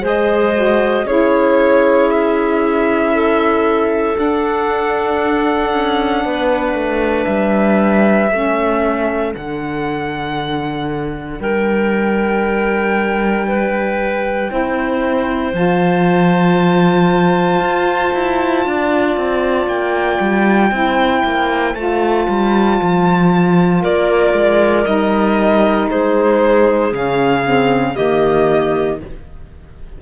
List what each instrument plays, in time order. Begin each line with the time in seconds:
0.00 cello G#3, saxophone G#4, clarinet C5
0.06 violin D#5
0.55 saxophone F#4
1.05 cello C#4, saxophone E4, clarinet G#4, violin C#5
2.11 violin E5
3.13 clarinet A4
4.14 saxophone D4, cello D4, violin F#5
5.73 cello C#4
6.25 cello B3, clarinet B4
6.73 cello A3
7.25 cello G3, violin E5
8.31 cello A3, saxophone C#4, clarinet A4
9.33 cello D3, saxophone D4, violin F#5
11.39 cello G3, clarinet A#4, violin G5
13.47 clarinet B4
14.48 cello C4, saxophone E4, clarinet C5
15.53 cello F3, saxophone F4, violin A5
17.60 cello F4
18.14 cello E4
18.65 cello D4, clarinet D5
19.17 cello C4
19.67 cello A#3, violin G5
20.20 cello G3
20.71 cello C4, saxophone E4, clarinet C5
21.24 cello A#3
21.75 cello A3, saxophone F4, violin A5
22.28 cello G3
22.81 cello F3
23.81 cello A#3, clarinet A#4, violin D5
24.34 cello G#3
24.85 cello G3, saxophone D#4, violin D#5
25.90 cello G#3, clarinet G#4, violin C5
26.92 cello C#3, saxophone C#4, violin F5
27.44 saxophone C4
27.95 cello D#3, saxophone A#3, clarinet G4, violin D#5